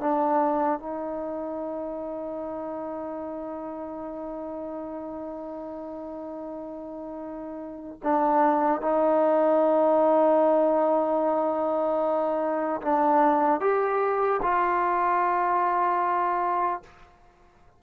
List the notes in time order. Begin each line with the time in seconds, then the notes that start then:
0.00 D4
0.79 D#4
8.03 D4
8.81 D#4
12.81 D4
13.60 G4
14.43 F4